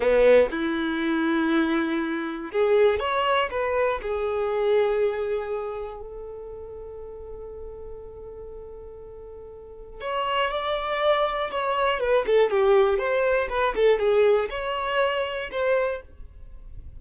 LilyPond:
\new Staff \with { instrumentName = "violin" } { \time 4/4 \tempo 4 = 120 b4 e'2.~ | e'4 gis'4 cis''4 b'4 | gis'1 | a'1~ |
a'1 | cis''4 d''2 cis''4 | b'8 a'8 g'4 c''4 b'8 a'8 | gis'4 cis''2 c''4 | }